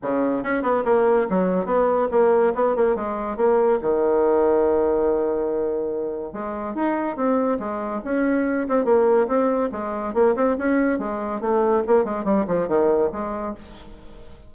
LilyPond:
\new Staff \with { instrumentName = "bassoon" } { \time 4/4 \tempo 4 = 142 cis4 cis'8 b8 ais4 fis4 | b4 ais4 b8 ais8 gis4 | ais4 dis2.~ | dis2. gis4 |
dis'4 c'4 gis4 cis'4~ | cis'8 c'8 ais4 c'4 gis4 | ais8 c'8 cis'4 gis4 a4 | ais8 gis8 g8 f8 dis4 gis4 | }